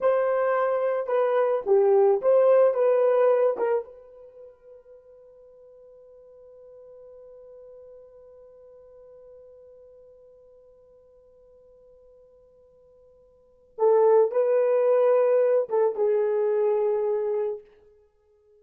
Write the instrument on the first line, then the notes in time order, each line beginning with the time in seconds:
horn
0.00 C5
1.06 B4
1.66 G4
2.21 C5
2.74 B4
3.57 A#4
3.84 B4
13.77 A4
14.31 B4
15.69 A4
15.95 G#4